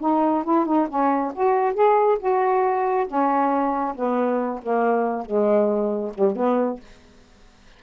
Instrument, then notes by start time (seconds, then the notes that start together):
saxophone
0.00 D#4
0.44 E4
0.65 D#4
0.89 C#4
1.34 F#4
1.74 G#4
2.19 F#4
3.07 C#4
3.95 B3
4.63 A#3
5.26 G#3
6.14 G3
6.36 B3